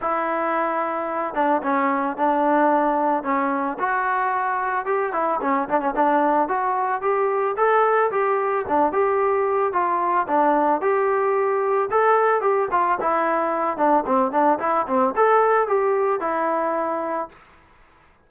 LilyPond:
\new Staff \with { instrumentName = "trombone" } { \time 4/4 \tempo 4 = 111 e'2~ e'8 d'8 cis'4 | d'2 cis'4 fis'4~ | fis'4 g'8 e'8 cis'8 d'16 cis'16 d'4 | fis'4 g'4 a'4 g'4 |
d'8 g'4. f'4 d'4 | g'2 a'4 g'8 f'8 | e'4. d'8 c'8 d'8 e'8 c'8 | a'4 g'4 e'2 | }